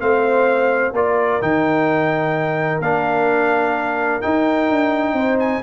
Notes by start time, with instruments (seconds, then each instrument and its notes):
0.00 tuba A3, trombone C4, horn C5, trumpet F5
0.93 tuba A#3, trombone F4, horn A#4, trumpet D5
1.42 tuba D#3, trombone D#4, trumpet G5
2.80 tuba A#3, trombone D4, trumpet F5
4.22 trombone D#4, tuba D#4, trumpet G5
4.70 tuba D4
5.13 tuba C4, horn C5
5.39 trumpet G#5